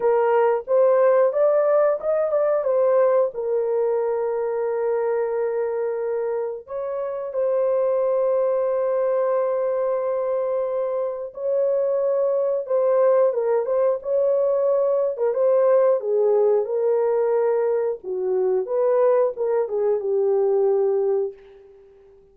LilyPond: \new Staff \with { instrumentName = "horn" } { \time 4/4 \tempo 4 = 90 ais'4 c''4 d''4 dis''8 d''8 | c''4 ais'2.~ | ais'2 cis''4 c''4~ | c''1~ |
c''4 cis''2 c''4 | ais'8 c''8 cis''4.~ cis''16 ais'16 c''4 | gis'4 ais'2 fis'4 | b'4 ais'8 gis'8 g'2 | }